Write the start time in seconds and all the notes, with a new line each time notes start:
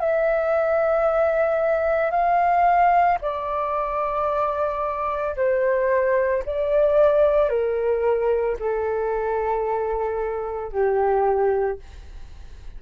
0.00 E5
2.11 F5
3.21 D5
5.36 C5
6.46 D5
7.49 A#4
8.59 A4
10.72 G4